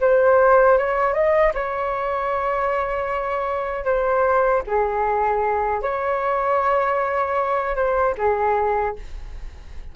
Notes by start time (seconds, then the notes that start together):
0.00 C5
0.78 C#5
1.13 D#5
1.54 C#5
3.84 C5
4.66 G#4
5.82 C#5
7.75 C5
8.17 G#4